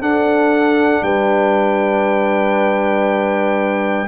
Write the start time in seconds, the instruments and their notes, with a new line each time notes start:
0.00 tuba D4, trombone D4, horn A4, trumpet F#5
1.03 tuba G3, horn B4, trumpet G5